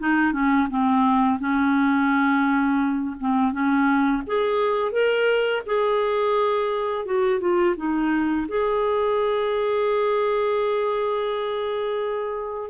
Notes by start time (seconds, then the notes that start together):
0.00 D#4
0.33 C#4
0.71 C4
1.40 C#4
3.20 C4
3.53 C#4
4.27 G#4
4.92 A#4
5.67 G#4
7.06 F#4
7.41 F4
7.77 D#4
8.49 G#4